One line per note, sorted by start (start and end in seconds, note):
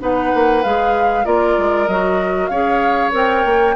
0.00 0.33 B3
0.00 0.62 D#4
0.00 1.26 B4
0.00 0.64 F#5
0.34 0.65 A#3
0.64 1.26 G#3
0.64 1.25 G#4
0.64 1.25 F5
1.25 1.57 A#3
1.25 1.87 F4
1.25 2.51 A#4
1.25 1.88 D5
1.58 1.88 G#3
1.88 2.50 F#3
1.88 2.52 F#4
1.88 2.48 D#5
2.48 3.12 C#4
2.48 3.11 G#4
2.48 3.76 C#5
2.48 3.11 F5
3.11 3.45 C4
3.11 3.74 A#4
3.11 3.76 G5
3.45 3.76 A#3